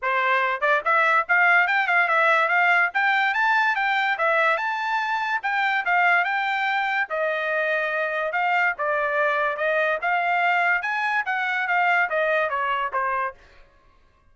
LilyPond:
\new Staff \with { instrumentName = "trumpet" } { \time 4/4 \tempo 4 = 144 c''4. d''8 e''4 f''4 | g''8 f''8 e''4 f''4 g''4 | a''4 g''4 e''4 a''4~ | a''4 g''4 f''4 g''4~ |
g''4 dis''2. | f''4 d''2 dis''4 | f''2 gis''4 fis''4 | f''4 dis''4 cis''4 c''4 | }